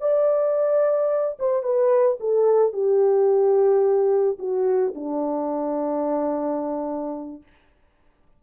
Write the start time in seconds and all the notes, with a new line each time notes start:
0.00 D5
1.39 C5
1.63 B4
2.20 A4
2.72 G4
4.38 F#4
4.95 D4